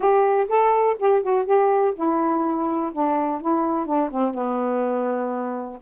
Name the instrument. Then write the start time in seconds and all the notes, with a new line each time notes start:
saxophone
0.00 G4
0.48 A4
0.98 G4
1.22 F#4
1.45 G4
1.95 E4
2.93 D4
3.41 E4
3.86 D4
4.11 C4
4.34 B3